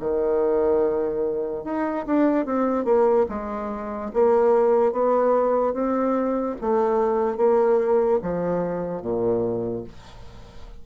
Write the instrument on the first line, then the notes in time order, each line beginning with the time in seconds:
bassoon
0.00 D#3
1.64 D#4
2.07 D4
2.46 C4
2.85 A#3
3.30 G#3
4.14 A#3
4.93 B3
5.74 C4
6.61 A3
7.37 A#3
8.22 F3
9.02 A#2